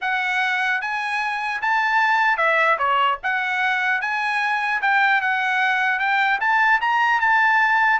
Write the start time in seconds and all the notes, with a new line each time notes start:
0.01 F#5
0.81 G#5
1.61 A5
2.37 E5
2.78 C#5
3.23 F#5
4.01 G#5
4.81 G5
5.21 F#5
5.99 G5
6.40 A5
6.81 A#5
7.20 A5